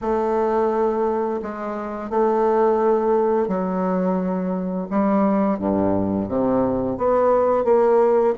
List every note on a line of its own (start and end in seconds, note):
0.01 1.40 A3
1.42 2.10 G#3
2.10 3.48 A3
3.48 4.87 F#3
4.90 5.58 G3
5.58 6.28 G2
6.28 6.97 C3
6.97 7.64 B3
7.64 8.34 A#3